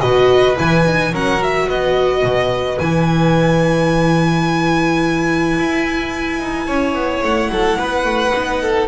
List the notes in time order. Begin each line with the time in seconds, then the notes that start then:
0.00 B2 F#4 B4 D#5
0.57 E3 E4 G#5
0.86 D#4
1.12 F#3 C#4 A#4 F#5
1.38 F#4 E5
1.68 B3 B4 D#5
2.23 B2
2.79 E3 E4 G#5
5.59 E4
6.40 D#4
6.67 C#4 C#5
6.94 B3
7.24 A3 F#5
7.50 F#3 A4
7.79 B3 B4
8.05 A3
8.32 B3 D#4
8.62 A4